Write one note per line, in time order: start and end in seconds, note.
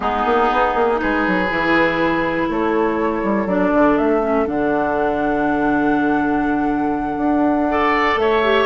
0.00 0.24 G#3
0.00 0.95 B3
0.00 1.00 D#4
0.00 0.99 G#4
0.25 0.49 A#3
0.52 0.74 B3
0.74 0.99 A#3
0.95 1.44 D#4
0.95 2.49 B4
1.01 1.27 G#3
1.01 2.48 G#4
1.27 1.50 F#3
1.50 2.48 E3
1.50 3.48 E4
2.48 3.23 A3
2.48 7.68 A4
2.48 3.47 C#5
3.23 3.46 G3
3.46 3.71 F#3
3.46 4.21 D4
3.46 3.97 D5
3.73 3.98 D3
3.97 4.47 A3
3.97 4.47 E5
4.21 4.45 C#4
4.45 7.17 D3
4.45 7.67 D4
4.45 8.17 F#5
7.17 8.15 D4
7.69 8.43 A4
7.69 8.20 D5
8.15 8.65 A3
8.15 8.66 C#5
8.15 8.66 E5
8.44 8.66 G4